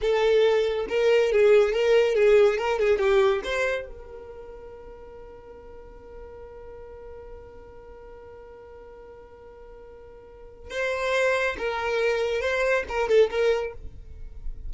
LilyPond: \new Staff \with { instrumentName = "violin" } { \time 4/4 \tempo 4 = 140 a'2 ais'4 gis'4 | ais'4 gis'4 ais'8 gis'8 g'4 | c''4 ais'2.~ | ais'1~ |
ais'1~ | ais'1~ | ais'4 c''2 ais'4~ | ais'4 c''4 ais'8 a'8 ais'4 | }